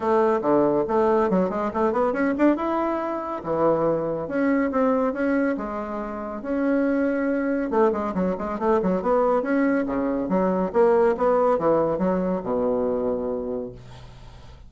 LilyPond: \new Staff \with { instrumentName = "bassoon" } { \time 4/4 \tempo 4 = 140 a4 d4 a4 fis8 gis8 | a8 b8 cis'8 d'8 e'2 | e2 cis'4 c'4 | cis'4 gis2 cis'4~ |
cis'2 a8 gis8 fis8 gis8 | a8 fis8 b4 cis'4 cis4 | fis4 ais4 b4 e4 | fis4 b,2. | }